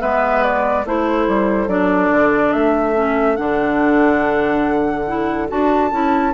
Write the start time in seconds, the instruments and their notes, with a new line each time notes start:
0.00 bassoon G#3, clarinet B3, oboe B4, flute E5
0.43 flute D5
0.86 bassoon A3, clarinet E4, oboe A4, flute C5
1.28 bassoon G3
1.68 bassoon F#3, clarinet D4, flute D5
2.11 bassoon D3
2.53 bassoon A3, flute E5
2.95 clarinet C#4
3.36 bassoon D3, clarinet D4, flute F#5
5.07 clarinet E4
5.49 bassoon D4, clarinet F#4, flute A5
5.91 bassoon C#4, clarinet E4